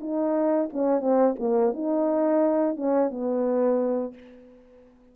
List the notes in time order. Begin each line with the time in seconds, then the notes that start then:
0.00 D#4
0.72 C#4
1.00 C4
1.39 A#3
1.73 D#4
2.76 C#4
3.10 B3